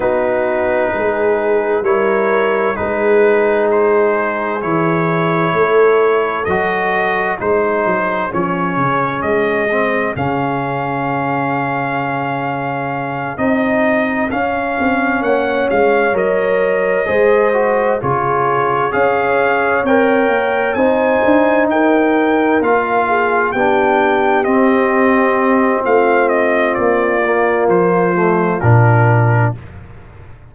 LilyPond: <<
  \new Staff \with { instrumentName = "trumpet" } { \time 4/4 \tempo 4 = 65 b'2 cis''4 b'4 | c''4 cis''2 dis''4 | c''4 cis''4 dis''4 f''4~ | f''2~ f''8 dis''4 f''8~ |
f''8 fis''8 f''8 dis''2 cis''8~ | cis''8 f''4 g''4 gis''4 g''8~ | g''8 f''4 g''4 dis''4. | f''8 dis''8 d''4 c''4 ais'4 | }
  \new Staff \with { instrumentName = "horn" } { \time 4/4 fis'4 gis'4 ais'4 gis'4~ | gis'2 a'2 | gis'1~ | gis'1~ |
gis'8 cis''2 c''4 gis'8~ | gis'8 cis''2 c''4 ais'8~ | ais'4 gis'8 g'2~ g'8 | f'1 | }
  \new Staff \with { instrumentName = "trombone" } { \time 4/4 dis'2 e'4 dis'4~ | dis'4 e'2 fis'4 | dis'4 cis'4. c'8 cis'4~ | cis'2~ cis'8 dis'4 cis'8~ |
cis'4. ais'4 gis'8 fis'8 f'8~ | f'8 gis'4 ais'4 dis'4.~ | dis'8 f'4 d'4 c'4.~ | c'4. ais4 a8 d'4 | }
  \new Staff \with { instrumentName = "tuba" } { \time 4/4 b4 gis4 g4 gis4~ | gis4 e4 a4 fis4 | gis8 fis8 f8 cis8 gis4 cis4~ | cis2~ cis8 c'4 cis'8 |
c'8 ais8 gis8 fis4 gis4 cis8~ | cis8 cis'4 c'8 ais8 c'8 d'8 dis'8~ | dis'8 ais4 b4 c'4. | a4 ais4 f4 ais,4 | }
>>